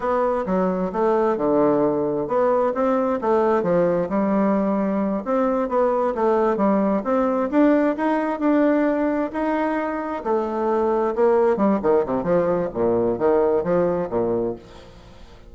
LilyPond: \new Staff \with { instrumentName = "bassoon" } { \time 4/4 \tempo 4 = 132 b4 fis4 a4 d4~ | d4 b4 c'4 a4 | f4 g2~ g8 c'8~ | c'8 b4 a4 g4 c'8~ |
c'8 d'4 dis'4 d'4.~ | d'8 dis'2 a4.~ | a8 ais4 g8 dis8 c8 f4 | ais,4 dis4 f4 ais,4 | }